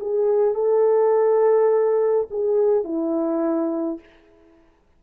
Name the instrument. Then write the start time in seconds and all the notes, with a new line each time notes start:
horn
0.00 G#4
0.55 A4
2.30 G#4
2.84 E4